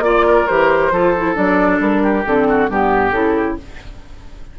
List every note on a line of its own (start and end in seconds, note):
0.00 0.44 A#3
0.00 0.47 F4
0.00 0.47 D5
0.00 0.26 D5
0.26 0.93 A#4
0.47 0.92 E3
0.47 0.92 G4
0.47 1.36 C5
0.92 1.36 F3
0.92 1.15 F4
0.92 2.03 A4
1.18 1.35 E4
1.35 1.80 F#3
1.35 2.24 D4
1.35 1.81 D5
1.80 2.25 G3
1.80 2.26 A#4
2.03 2.47 G4
2.27 2.69 D3
2.27 2.71 C4
2.27 2.71 A4
2.49 2.70 F#4
2.69 3.12 G2
2.69 3.13 B3
2.69 3.59 G4
2.69 3.12 G4
3.12 3.56 C#3
3.12 3.58 E4
3.12 3.57 A4